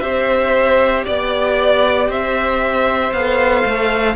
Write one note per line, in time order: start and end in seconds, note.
0.00 1.05 C4
0.00 3.12 G4
0.00 1.05 C5
0.00 1.03 E5
1.05 2.09 B3
1.05 2.08 D5
1.05 2.11 D5
2.09 3.12 C4
2.09 4.16 C5
2.09 3.13 E5
3.13 3.64 B3
3.13 4.16 A4
3.13 4.16 F5
3.66 4.16 A3